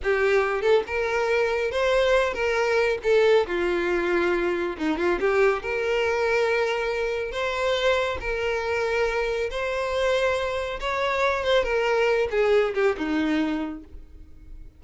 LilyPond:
\new Staff \with { instrumentName = "violin" } { \time 4/4 \tempo 4 = 139 g'4. a'8 ais'2 | c''4. ais'4. a'4 | f'2. dis'8 f'8 | g'4 ais'2.~ |
ais'4 c''2 ais'4~ | ais'2 c''2~ | c''4 cis''4. c''8 ais'4~ | ais'8 gis'4 g'8 dis'2 | }